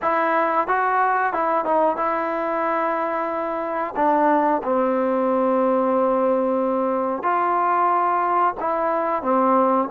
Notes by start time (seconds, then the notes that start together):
0.01 E4
0.67 F#4
1.33 E4
1.65 D#4
1.96 E4
3.96 D4
4.63 C4
7.22 F4
8.60 E4
9.22 C4